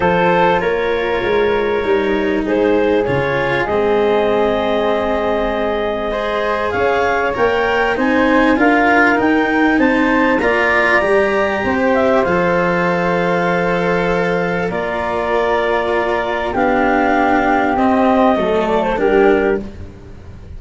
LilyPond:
<<
  \new Staff \with { instrumentName = "clarinet" } { \time 4/4 \tempo 4 = 98 c''4 cis''2. | c''4 cis''4 dis''2~ | dis''2. f''4 | g''4 gis''4 f''4 g''4 |
a''4 ais''2~ ais''16 g''16 e''8 | f''1 | d''2. f''4~ | f''4 dis''4. d''16 c''16 ais'4 | }
  \new Staff \with { instrumentName = "flute" } { \time 4/4 a'4 ais'2. | gis'1~ | gis'2 c''4 cis''4~ | cis''4 c''4 ais'2 |
c''4 d''2 c''4~ | c''1 | ais'2. g'4~ | g'2 a'4 g'4 | }
  \new Staff \with { instrumentName = "cello" } { \time 4/4 f'2. dis'4~ | dis'4 f'4 c'2~ | c'2 gis'2 | ais'4 dis'4 f'4 dis'4~ |
dis'4 f'4 g'2 | a'1 | f'2. d'4~ | d'4 c'4 a4 d'4 | }
  \new Staff \with { instrumentName = "tuba" } { \time 4/4 f4 ais4 gis4 g4 | gis4 cis4 gis2~ | gis2. cis'4 | ais4 c'4 d'4 dis'4 |
c'4 ais4 g4 c'4 | f1 | ais2. b4~ | b4 c'4 fis4 g4 | }
>>